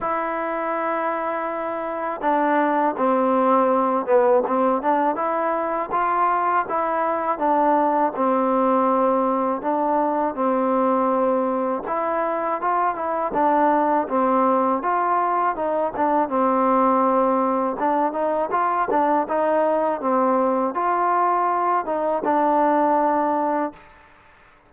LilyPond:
\new Staff \with { instrumentName = "trombone" } { \time 4/4 \tempo 4 = 81 e'2. d'4 | c'4. b8 c'8 d'8 e'4 | f'4 e'4 d'4 c'4~ | c'4 d'4 c'2 |
e'4 f'8 e'8 d'4 c'4 | f'4 dis'8 d'8 c'2 | d'8 dis'8 f'8 d'8 dis'4 c'4 | f'4. dis'8 d'2 | }